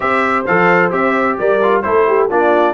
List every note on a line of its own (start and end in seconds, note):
0.00 0.47 C4
0.00 0.45 G4
0.00 1.37 C5
0.00 0.45 E5
0.46 0.92 F3
0.46 0.91 A4
0.46 0.92 F5
0.91 1.37 C4
0.91 1.59 G4
0.91 1.38 E5
1.39 1.85 G3
1.39 1.85 A#4
1.39 1.81 D5
1.62 1.83 F4
1.81 2.30 A3
1.81 2.29 E4
1.81 2.07 A4
1.81 2.27 C5
2.07 2.29 G4
2.29 2.74 A#3
2.29 2.74 D4
2.29 2.74 F4
2.29 2.74 D5